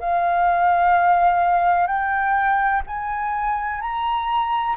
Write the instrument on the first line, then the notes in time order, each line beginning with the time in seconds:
flute
0.00 F5
1.87 G5
2.87 G#5
3.81 A#5